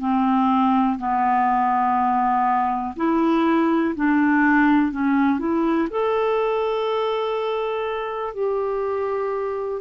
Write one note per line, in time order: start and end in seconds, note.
0.00 0.98 C4
0.99 2.96 B3
2.96 3.95 E4
3.96 4.92 D4
4.92 5.39 C#4
5.39 5.88 E4
5.91 8.34 A4
8.34 9.81 G4